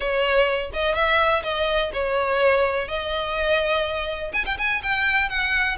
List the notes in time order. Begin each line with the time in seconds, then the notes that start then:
0.00 C#5
0.73 D#5
0.94 E5
1.43 D#5
1.93 C#5
2.88 D#5
4.33 G#5
4.45 G5
4.57 G#5
4.82 G5
5.29 F#5